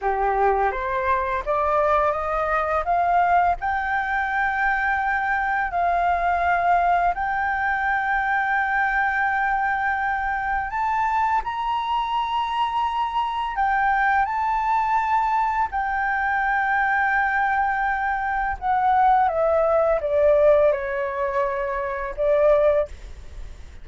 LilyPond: \new Staff \with { instrumentName = "flute" } { \time 4/4 \tempo 4 = 84 g'4 c''4 d''4 dis''4 | f''4 g''2. | f''2 g''2~ | g''2. a''4 |
ais''2. g''4 | a''2 g''2~ | g''2 fis''4 e''4 | d''4 cis''2 d''4 | }